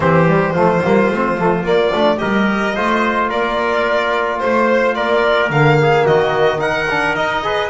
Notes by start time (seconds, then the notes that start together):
0.00 E3 C4 G4 C5
0.27 G3
0.53 F3 A3 F4
0.83 G3 A#3
1.10 A3 C4
1.37 F3 A3
1.63 A#3 D5
1.93 A3 D4
2.17 G3 G4 A#4 D#5
2.75 A3 F4 C5
3.29 A#3 A#4 D5
4.39 A3 C5
4.94 A#3 A#4 D5
5.49 D3 A#3 F5
5.81 G#4
6.05 D#3 F#4 D#5
6.57 D#4 A#4 F#5
6.89 D4
7.15 D#4 D#5
7.42 G#4 B4